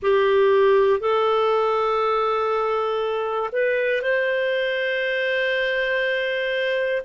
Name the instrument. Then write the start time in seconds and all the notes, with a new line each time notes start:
clarinet
0.02 G4
1.00 A4
3.52 B4
4.01 C5